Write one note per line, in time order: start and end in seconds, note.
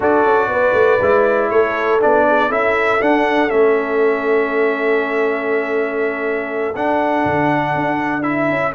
0.00 0.24 D4
0.00 0.99 F#4
0.00 0.50 A4
0.00 1.50 D5
0.24 0.47 C#4
0.47 0.72 B3
0.47 1.51 B4
0.73 0.98 A3
1.01 1.50 G#3
1.01 1.99 E4
1.50 2.00 A3
1.50 2.27 A4
1.50 2.00 C#5
1.99 2.50 B3
1.99 2.49 D4
1.99 2.52 D5
2.27 2.48 G#4
2.48 3.00 C#4
2.48 3.00 E4
2.48 8.73 A4
2.48 3.02 E5
3.01 3.49 D4
3.01 3.51 D4
3.01 3.50 F#5
3.49 6.75 A3
3.49 6.74 C#4
3.49 6.75 E5
6.75 7.25 D4
6.75 8.22 D4
6.75 8.22 F#5
7.25 7.75 D3
7.75 8.49 D4
8.22 8.72 E4
8.22 8.72 E5
8.49 8.74 C#4